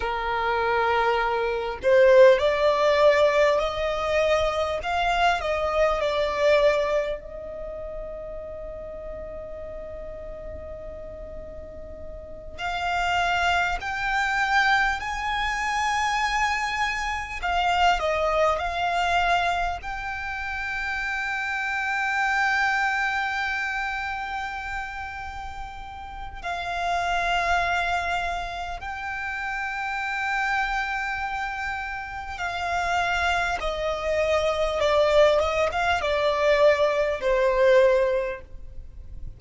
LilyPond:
\new Staff \with { instrumentName = "violin" } { \time 4/4 \tempo 4 = 50 ais'4. c''8 d''4 dis''4 | f''8 dis''8 d''4 dis''2~ | dis''2~ dis''8 f''4 g''8~ | g''8 gis''2 f''8 dis''8 f''8~ |
f''8 g''2.~ g''8~ | g''2 f''2 | g''2. f''4 | dis''4 d''8 dis''16 f''16 d''4 c''4 | }